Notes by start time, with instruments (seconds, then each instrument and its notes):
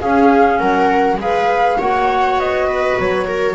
0.00 clarinet C#4, double bass C#4, viola G#4, flute F5
0.59 double bass F#3, viola A#4, flute F#5
1.17 double bass G#3, clarinet G#4, viola B4, flute F5
1.78 double bass A#3, clarinet F#4, viola C#5, flute F#5
2.39 double bass B3, flute D#5
2.67 viola B4
2.99 double bass F#3, flute C#5
3.27 viola A#4